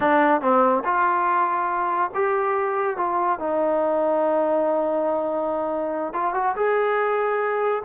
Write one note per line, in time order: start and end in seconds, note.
0.00 0.41 D4
0.41 0.83 C4
0.84 2.10 F4
2.14 2.96 G4
2.96 3.39 F4
3.39 6.13 D#4
6.13 6.34 F4
6.34 6.55 F#4
6.56 7.82 G#4